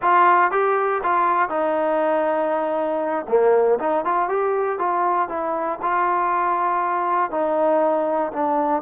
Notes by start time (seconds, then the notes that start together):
0.02 F4
0.51 G4
1.03 F4
1.49 D#4
3.28 A#3
3.79 D#4
4.05 F4
4.28 G4
4.78 F4
5.28 E4
5.81 F4
7.31 D#4
8.33 D4